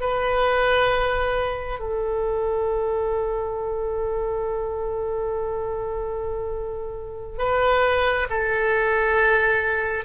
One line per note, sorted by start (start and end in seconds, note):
0.00 1.79 B4
1.79 7.38 A4
7.38 8.28 B4
8.30 10.05 A4